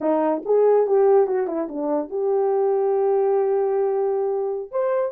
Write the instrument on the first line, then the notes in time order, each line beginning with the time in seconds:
horn
0.00 D#4
0.45 G#4
0.86 G4
1.26 F#4
1.47 E4
1.68 D4
2.09 G4
4.71 C5